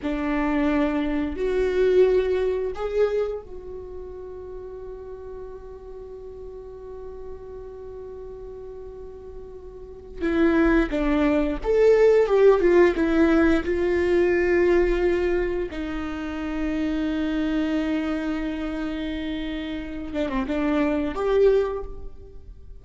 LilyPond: \new Staff \with { instrumentName = "viola" } { \time 4/4 \tempo 4 = 88 d'2 fis'2 | gis'4 fis'2.~ | fis'1~ | fis'2. e'4 |
d'4 a'4 g'8 f'8 e'4 | f'2. dis'4~ | dis'1~ | dis'4. d'16 c'16 d'4 g'4 | }